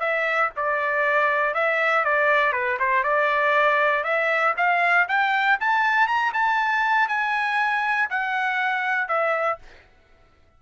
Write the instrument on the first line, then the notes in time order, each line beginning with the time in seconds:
trumpet
0.00 E5
0.56 D5
1.54 E5
2.05 D5
2.53 B4
2.80 C5
3.04 D5
4.04 E5
4.57 F5
5.09 G5
5.61 A5
6.08 A#5
6.34 A5
7.09 G#5
8.10 F#5
9.09 E5